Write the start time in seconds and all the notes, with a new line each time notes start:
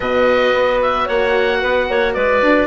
0.00 B2 F#4 B4 D#5
0.53 B3
0.81 E5
1.05 A#3 C#5 F#5
1.60 B3 B4
1.89 A#3 C#5
2.13 G#3 B4 D5
2.42 D4